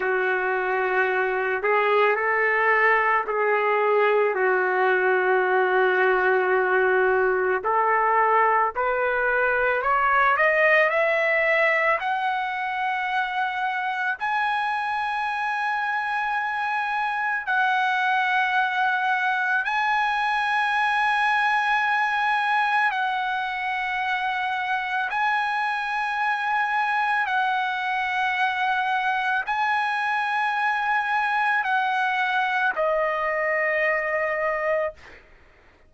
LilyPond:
\new Staff \with { instrumentName = "trumpet" } { \time 4/4 \tempo 4 = 55 fis'4. gis'8 a'4 gis'4 | fis'2. a'4 | b'4 cis''8 dis''8 e''4 fis''4~ | fis''4 gis''2. |
fis''2 gis''2~ | gis''4 fis''2 gis''4~ | gis''4 fis''2 gis''4~ | gis''4 fis''4 dis''2 | }